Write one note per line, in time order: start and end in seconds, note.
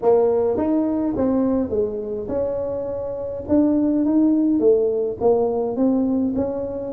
0.02 0.57 A#3
0.57 1.14 D#4
1.16 1.69 C4
1.69 2.27 G#3
2.28 3.43 C#4
3.48 4.05 D4
4.05 4.59 D#4
4.59 5.17 A3
5.20 5.76 A#3
5.76 6.34 C4
6.35 6.93 C#4